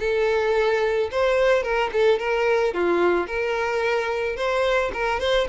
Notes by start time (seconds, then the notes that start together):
0.00 A4
1.12 C5
1.63 A#4
1.93 A4
2.19 A#4
2.74 F4
3.27 A#4
4.37 C5
4.94 A#4
5.20 C5